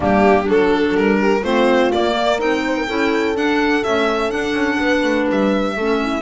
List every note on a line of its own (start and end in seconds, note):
0.00 0.48 G3
0.00 0.43 A#3
0.00 0.46 D4
0.00 0.49 G4
0.43 0.94 F#3
0.43 1.39 D4
0.43 1.19 A4
0.43 0.96 A4
0.94 1.42 G3
0.94 1.43 A#4
1.20 1.43 G4
1.43 1.91 A3
1.43 1.92 C4
1.43 2.13 F4
1.43 1.91 C5
1.92 2.39 A#3
1.92 2.40 D5
2.13 2.61 A#4
2.39 2.87 C4
2.39 2.87 D#4
2.39 3.36 G5
2.66 2.77 C5
2.77 2.87 A#4
2.87 3.35 C#4
2.87 3.35 E4
2.87 4.79 A4
3.35 3.83 D4
3.35 3.83 F#5
3.83 4.30 A3
3.83 4.32 C#4
3.83 4.30 E5
4.30 5.74 D4
4.30 4.53 D4
4.30 5.26 F#5
4.53 4.77 C#4
4.79 5.03 B3
4.79 5.76 B4
5.03 5.27 A3
5.29 5.76 G3
5.29 6.21 E5
5.76 6.21 A3
5.76 6.21 C#4
5.76 6.00 A4
6.02 6.21 E4